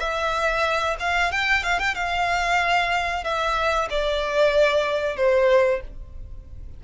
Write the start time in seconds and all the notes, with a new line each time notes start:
0.00 E5
1.00 F5
1.32 G5
1.63 F5
1.80 G5
1.95 F5
3.24 E5
3.90 D5
5.17 C5